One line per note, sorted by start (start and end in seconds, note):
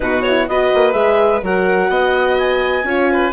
0.00 0.48 B2
0.00 0.23 D#4
0.00 0.49 F#4
0.00 0.22 B4
0.22 0.49 E4
0.22 0.46 C#5
0.48 0.72 B3
0.48 0.92 F#4
0.48 1.44 B4
0.48 0.92 D#5
0.74 0.93 A#3
0.92 1.41 G#3
0.92 1.39 G#4
0.92 1.40 E5
1.42 1.89 F#3
1.42 2.85 F#4
1.42 1.89 A#4
1.42 2.38 F#5
1.89 2.83 B3
1.89 2.85 D#5
2.38 3.33 G#5
2.83 3.31 C#4
2.83 3.33 F4
2.83 3.11 C#5
3.11 3.33 B4